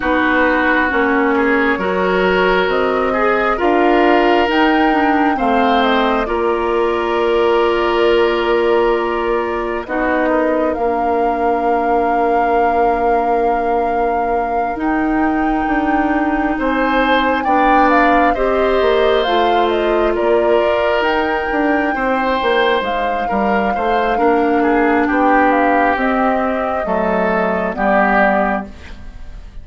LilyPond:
<<
  \new Staff \with { instrumentName = "flute" } { \time 4/4 \tempo 4 = 67 b'4 cis''2 dis''4 | f''4 g''4 f''8 dis''8 d''4~ | d''2. dis''4 | f''1~ |
f''8 g''2 gis''4 g''8 | f''8 dis''4 f''8 dis''8 d''4 g''8~ | g''4. f''2~ f''8 | g''8 f''8 dis''2 d''4 | }
  \new Staff \with { instrumentName = "oboe" } { \time 4/4 fis'4. gis'8 ais'4. gis'8 | ais'2 c''4 ais'4~ | ais'2. fis'8 ais'8~ | ais'1~ |
ais'2~ ais'8 c''4 d''8~ | d''8 c''2 ais'4.~ | ais'8 c''4. ais'8 c''8 ais'8 gis'8 | g'2 a'4 g'4 | }
  \new Staff \with { instrumentName = "clarinet" } { \time 4/4 dis'4 cis'4 fis'4. gis'8 | f'4 dis'8 d'8 c'4 f'4~ | f'2. dis'4 | d'1~ |
d'8 dis'2. d'8~ | d'8 g'4 f'2 dis'8~ | dis'2. d'4~ | d'4 c'4 a4 b4 | }
  \new Staff \with { instrumentName = "bassoon" } { \time 4/4 b4 ais4 fis4 c'4 | d'4 dis'4 a4 ais4~ | ais2. b4 | ais1~ |
ais8 dis'4 d'4 c'4 b8~ | b8 c'8 ais8 a4 ais8 f'8 dis'8 | d'8 c'8 ais8 gis8 g8 a8 ais4 | b4 c'4 fis4 g4 | }
>>